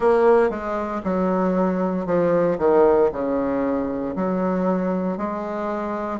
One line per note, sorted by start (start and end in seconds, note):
0.00 0.49 A#3
0.49 1.01 G#3
1.03 2.05 F#3
2.05 2.57 F3
2.58 3.10 D#3
3.11 4.15 C#3
4.15 5.17 F#3
5.17 6.19 G#3